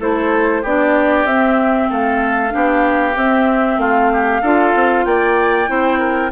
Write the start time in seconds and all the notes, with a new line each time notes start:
0.00 A3 E4 A4 C5
0.62 B3 D4 G4 D5
1.25 C4 E5
1.90 A3 A4 F5
2.50 B3 D4 G4
3.16 C4 E5
3.78 A3 F4 F5
4.13 G4
4.42 D4 F4 A4
4.75 C4
5.05 A#3 D5 G5
5.67 C4 E4 C5
5.99 A#4